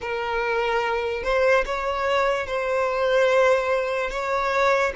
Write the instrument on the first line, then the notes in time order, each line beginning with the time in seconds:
violin
0.01 A#4
1.23 C5
1.65 C#5
2.47 C5
4.10 C#5